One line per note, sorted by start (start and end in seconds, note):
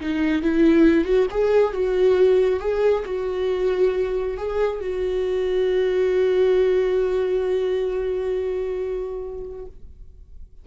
0.00 0.42 D#4
0.42 1.05 E4
1.05 1.27 F#4
1.31 1.73 G#4
1.73 2.60 F#4
2.60 3.04 G#4
3.05 4.37 F#4
4.37 4.81 G#4
4.81 9.66 F#4